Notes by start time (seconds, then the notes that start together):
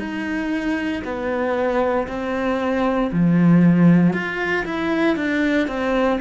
0.00 D#4
1.04 B3
2.08 C4
3.13 F3
4.14 F4
4.66 E4
5.17 D4
5.68 C4